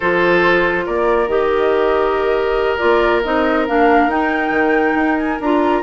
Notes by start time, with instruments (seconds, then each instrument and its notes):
0.00 bassoon F3, clarinet F4, oboe A4, flute C5
0.85 bassoon A#3, oboe A#4, flute D5
1.26 bassoon D#3, clarinet G4, flute D#5
2.78 bassoon A#3, clarinet F4, flute D5
3.23 bassoon C4, clarinet D#4, flute D#5
3.67 bassoon A#3, clarinet D4, flute F5
4.07 bassoon D#4, clarinet D#4, flute G5
4.50 bassoon D#3
4.94 bassoon D#4
5.17 flute G#5
5.40 bassoon D4, clarinet F4, flute A#5